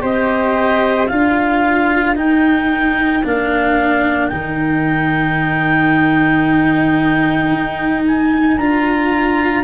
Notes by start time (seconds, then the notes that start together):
0.00 C4 G4 C5 D#5
1.07 D4 F4 A#4 F5
2.15 D#4 G5
3.23 A#3 D4 F5
4.27 D#3 D#4 G5
7.51 D#4
8.07 G#5
8.56 D4 F4 A#5